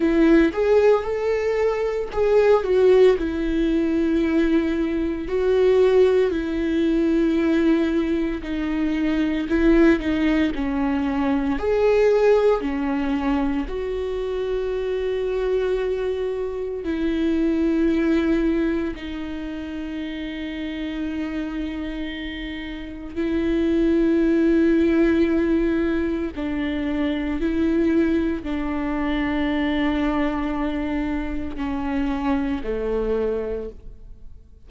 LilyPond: \new Staff \with { instrumentName = "viola" } { \time 4/4 \tempo 4 = 57 e'8 gis'8 a'4 gis'8 fis'8 e'4~ | e'4 fis'4 e'2 | dis'4 e'8 dis'8 cis'4 gis'4 | cis'4 fis'2. |
e'2 dis'2~ | dis'2 e'2~ | e'4 d'4 e'4 d'4~ | d'2 cis'4 a4 | }